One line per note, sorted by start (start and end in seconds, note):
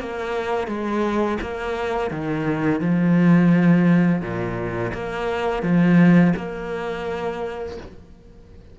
0.00 0.67 A#3
0.67 1.38 G#3
1.42 2.11 A#3
2.11 2.81 D#3
2.81 4.22 F3
4.22 4.93 A#2
4.94 5.63 A#3
5.63 6.33 F3
6.37 7.78 A#3